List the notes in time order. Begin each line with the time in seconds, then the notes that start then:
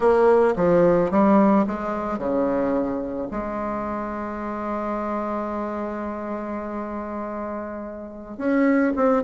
0.00 A#3
0.56 F3
1.10 G3
1.66 G#3
2.18 C#3
3.30 G#3
8.37 C#4
8.95 C4